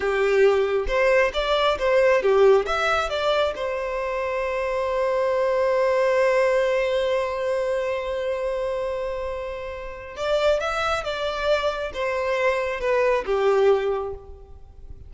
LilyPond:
\new Staff \with { instrumentName = "violin" } { \time 4/4 \tempo 4 = 136 g'2 c''4 d''4 | c''4 g'4 e''4 d''4 | c''1~ | c''1~ |
c''1~ | c''2. d''4 | e''4 d''2 c''4~ | c''4 b'4 g'2 | }